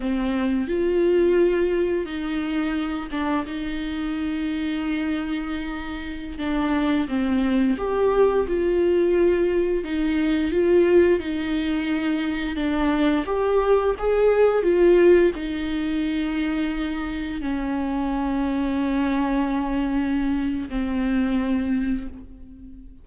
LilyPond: \new Staff \with { instrumentName = "viola" } { \time 4/4 \tempo 4 = 87 c'4 f'2 dis'4~ | dis'8 d'8 dis'2.~ | dis'4~ dis'16 d'4 c'4 g'8.~ | g'16 f'2 dis'4 f'8.~ |
f'16 dis'2 d'4 g'8.~ | g'16 gis'4 f'4 dis'4.~ dis'16~ | dis'4~ dis'16 cis'2~ cis'8.~ | cis'2 c'2 | }